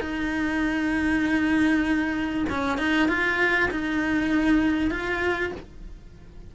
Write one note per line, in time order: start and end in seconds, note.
0.00 2.45 D#4
2.49 2.78 C#4
2.78 3.08 D#4
3.08 3.70 F4
3.70 4.90 D#4
4.90 5.52 F4